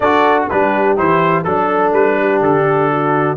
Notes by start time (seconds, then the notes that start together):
0.00 D4 F#4 A4 D5
0.48 G3 D4 G4 B4
0.97 E3 E4 C5
1.44 F#3 D4 A4
1.92 G3 B4
2.20 G4
2.41 D3 A4
2.90 F#4